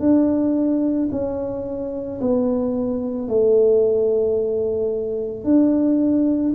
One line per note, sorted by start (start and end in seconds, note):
0.00 1.09 D4
1.12 2.21 C#4
2.21 3.28 B3
3.28 5.44 A3
5.44 6.53 D4